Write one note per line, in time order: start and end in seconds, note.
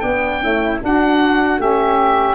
0.00 0.41 B3
0.00 0.42 D4
0.00 0.78 G5
0.41 0.80 A3
0.41 0.80 C#4
0.41 0.82 E4
0.80 1.58 D4
0.80 1.61 F#4
0.80 1.61 F#5
1.58 2.35 A3
1.58 2.35 C#4
1.58 2.35 G4
1.58 2.35 E5